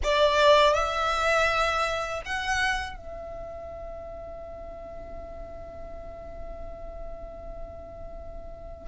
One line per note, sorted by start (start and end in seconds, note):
0.03 0.73 D5
0.73 2.22 E5
2.25 2.96 F#5
2.96 8.88 E5